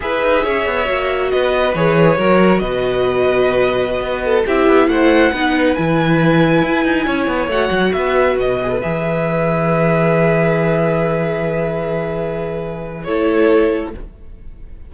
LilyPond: <<
  \new Staff \with { instrumentName = "violin" } { \time 4/4 \tempo 4 = 138 e''2. dis''4 | cis''2 dis''2~ | dis''2~ dis''16 e''4 fis''8.~ | fis''4~ fis''16 gis''2~ gis''8.~ |
gis''4~ gis''16 fis''4 e''4 dis''8.~ | dis''16 e''2.~ e''8.~ | e''1~ | e''2 cis''2 | }
  \new Staff \with { instrumentName = "violin" } { \time 4/4 b'4 cis''2 b'4~ | b'4 ais'4 b'2~ | b'4.~ b'16 a'8 g'4 c''8.~ | c''16 b'2.~ b'8.~ |
b'16 cis''2 b'4.~ b'16~ | b'1~ | b'1~ | b'2 a'2 | }
  \new Staff \with { instrumentName = "viola" } { \time 4/4 gis'2 fis'2 | gis'4 fis'2.~ | fis'2~ fis'16 e'4.~ e'16~ | e'16 dis'4 e'2~ e'8.~ |
e'4~ e'16 fis'2~ fis'8 gis'16 | a'16 gis'2.~ gis'8.~ | gis'1~ | gis'2 e'2 | }
  \new Staff \with { instrumentName = "cello" } { \time 4/4 e'8 dis'8 cis'8 b8 ais4 b4 | e4 fis4 b,2~ | b,4~ b,16 b4 c'8 b8 a8.~ | a16 b4 e2 e'8 dis'16~ |
dis'16 cis'8 b8 a8 fis8 b4 b,8.~ | b,16 e2.~ e8.~ | e1~ | e2 a2 | }
>>